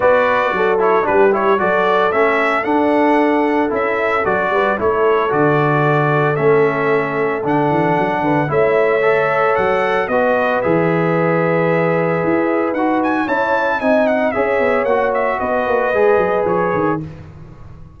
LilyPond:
<<
  \new Staff \with { instrumentName = "trumpet" } { \time 4/4 \tempo 4 = 113 d''4. cis''8 b'8 cis''8 d''4 | e''4 fis''2 e''4 | d''4 cis''4 d''2 | e''2 fis''2 |
e''2 fis''4 dis''4 | e''1 | fis''8 gis''8 a''4 gis''8 fis''8 e''4 | fis''8 e''8 dis''2 cis''4 | }
  \new Staff \with { instrumentName = "horn" } { \time 4/4 b'4 a'4 g'4 a'4~ | a'1~ | a'8 b'8 a'2.~ | a'2.~ a'8 b'8 |
cis''2. b'4~ | b'1~ | b'4 cis''4 dis''4 cis''4~ | cis''4 b'2. | }
  \new Staff \with { instrumentName = "trombone" } { \time 4/4 fis'4. e'8 d'8 e'8 fis'4 | cis'4 d'2 e'4 | fis'4 e'4 fis'2 | cis'2 d'2 |
e'4 a'2 fis'4 | gis'1 | fis'4 e'4 dis'4 gis'4 | fis'2 gis'2 | }
  \new Staff \with { instrumentName = "tuba" } { \time 4/4 b4 fis4 g4 fis4 | a4 d'2 cis'4 | fis8 g8 a4 d2 | a2 d8 e8 fis8 d8 |
a2 fis4 b4 | e2. e'4 | dis'4 cis'4 c'4 cis'8 b8 | ais4 b8 ais8 gis8 fis8 f8 dis8 | }
>>